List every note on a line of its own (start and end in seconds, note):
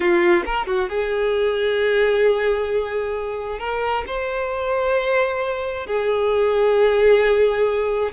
0.00 0.43 F4
0.45 0.66 A#4
0.66 0.89 F#4
0.89 3.59 G#4
3.59 4.04 A#4
4.06 5.86 C5
5.86 8.11 G#4